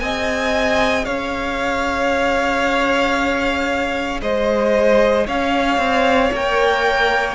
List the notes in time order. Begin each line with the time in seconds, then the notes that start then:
0.00 C4 G#4 D#5 G#5
1.05 C#4 C#5 F5
4.22 G#3 C5 D#5
5.27 C#4 C#5 F5
5.78 C4
6.33 A#3 A#4 G5